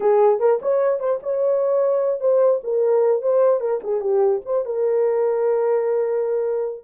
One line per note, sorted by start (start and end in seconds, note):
0.00 0.39 G#4
0.39 0.59 A#4
0.62 0.99 C#5
0.99 1.19 C5
1.23 2.20 C#5
2.20 2.60 C5
2.63 3.22 A#4
3.22 3.60 C5
3.60 3.80 A#4
3.83 4.00 G#4
4.00 4.41 G4
4.45 4.65 C5
4.65 6.84 A#4